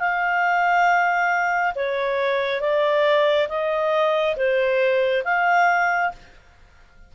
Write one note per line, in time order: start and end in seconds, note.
0.00 1.74 F5
1.75 2.61 C#5
2.61 3.48 D5
3.49 4.36 D#5
4.37 5.24 C5
5.25 6.12 F5